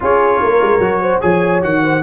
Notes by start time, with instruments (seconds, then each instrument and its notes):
0.00 tuba C#4, trombone F4, horn G#4, trumpet C#5
0.40 tuba A#3, horn A#4
0.61 tuba G#3
0.78 tuba F#3, trombone F#4
1.01 horn C5
1.21 tuba F3, trombone G#4, horn C#5, trumpet G#5
1.61 tuba D#3, trombone F#4, trumpet F#5
1.83 horn C5